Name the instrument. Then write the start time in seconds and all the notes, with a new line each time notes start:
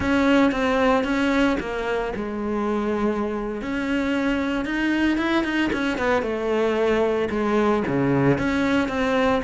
cello
0.00 C#4
0.51 C4
1.04 C#4
1.60 A#3
2.15 G#3
3.61 C#4
4.65 D#4
5.17 E4
5.44 D#4
5.72 C#4
5.98 B3
6.22 A3
7.30 G#3
7.87 C#3
8.37 C#4
8.88 C4